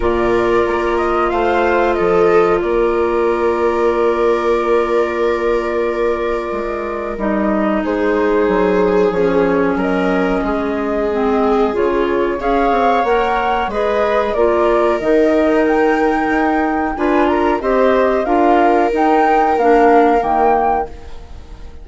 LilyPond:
<<
  \new Staff \with { instrumentName = "flute" } { \time 4/4 \tempo 4 = 92 d''4. dis''8 f''4 dis''4 | d''1~ | d''2. dis''4 | c''2 cis''4 dis''4~ |
dis''2 cis''4 f''4 | fis''4 dis''4 d''4 dis''4 | g''2 gis''8 ais''8 dis''4 | f''4 g''4 f''4 g''4 | }
  \new Staff \with { instrumentName = "viola" } { \time 4/4 ais'2 c''4 a'4 | ais'1~ | ais'1 | gis'2. ais'4 |
gis'2. cis''4~ | cis''4 b'4 ais'2~ | ais'2 b'8 ais'8 c''4 | ais'1 | }
  \new Staff \with { instrumentName = "clarinet" } { \time 4/4 f'1~ | f'1~ | f'2. dis'4~ | dis'2 cis'2~ |
cis'4 c'4 f'4 gis'4 | ais'4 gis'4 f'4 dis'4~ | dis'2 f'4 g'4 | f'4 dis'4 d'4 ais4 | }
  \new Staff \with { instrumentName = "bassoon" } { \time 4/4 ais,4 ais4 a4 f4 | ais1~ | ais2 gis4 g4 | gis4 fis4 f4 fis4 |
gis2 cis4 cis'8 c'8 | ais4 gis4 ais4 dis4~ | dis4 dis'4 d'4 c'4 | d'4 dis'4 ais4 dis4 | }
>>